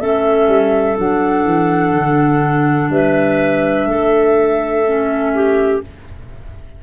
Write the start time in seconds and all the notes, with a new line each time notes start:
0.00 A3 C#4 A4 E5
0.48 G3
0.97 F#3 D4 F#5
1.46 E3
1.94 D3
2.90 G3 B4 E5
3.87 A3 A4
4.86 C#4
5.35 G4